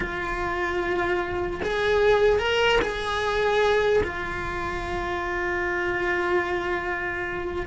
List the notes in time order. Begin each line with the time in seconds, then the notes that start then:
0.00 F4
1.62 G#4
2.39 A#4
2.81 G#4
4.03 F4